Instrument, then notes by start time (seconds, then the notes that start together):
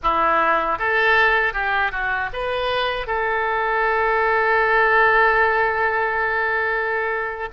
oboe
0.02 E4
0.79 A4
1.53 G4
1.91 F#4
2.33 B4
3.07 A4